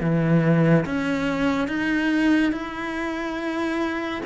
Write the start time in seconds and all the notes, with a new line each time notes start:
0.00 E3
0.85 C#4
1.67 D#4
2.52 E4